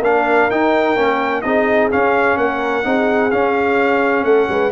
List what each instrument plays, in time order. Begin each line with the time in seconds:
0.00 tuba A#3, trombone D4, horn A#4, trumpet F5
0.51 trombone D#4, tuba D#4, trumpet G5
0.97 tuba A#3, trombone C#4
1.42 tuba C4, trombone D#4, horn G#4, trumpet D#5
1.92 trombone C#4, tuba C#4, trumpet F5
2.37 tuba A#3, horn A#4, trumpet F#5
2.84 tuba C4, trombone D#4, horn G#4
3.31 trombone C#4, tuba C#4, trumpet F5
4.25 tuba A3, horn A4, trumpet F#5
4.49 tuba G#3, horn B4